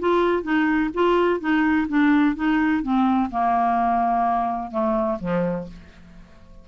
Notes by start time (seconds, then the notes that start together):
0.00 F4
0.43 D#4
0.94 F4
1.40 D#4
1.89 D4
2.36 D#4
2.83 C4
3.31 A#3
4.72 A3
5.20 F3